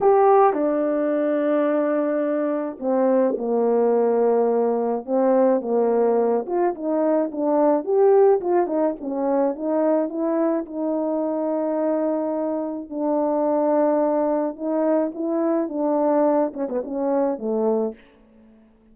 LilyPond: \new Staff \with { instrumentName = "horn" } { \time 4/4 \tempo 4 = 107 g'4 d'2.~ | d'4 c'4 ais2~ | ais4 c'4 ais4. f'8 | dis'4 d'4 g'4 f'8 dis'8 |
cis'4 dis'4 e'4 dis'4~ | dis'2. d'4~ | d'2 dis'4 e'4 | d'4. cis'16 b16 cis'4 a4 | }